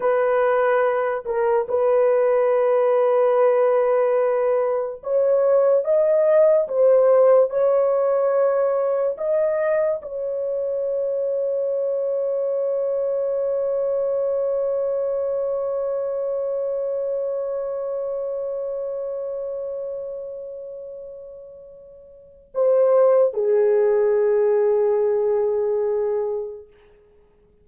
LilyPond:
\new Staff \with { instrumentName = "horn" } { \time 4/4 \tempo 4 = 72 b'4. ais'8 b'2~ | b'2 cis''4 dis''4 | c''4 cis''2 dis''4 | cis''1~ |
cis''1~ | cis''1~ | cis''2. c''4 | gis'1 | }